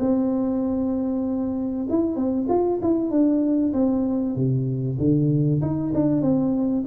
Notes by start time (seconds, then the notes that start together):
0.00 C4
1.90 E4
2.16 C4
2.49 F4
2.82 E4
3.11 D4
3.73 C4
4.36 C3
4.99 D3
5.62 D#4
5.94 D4
6.22 C4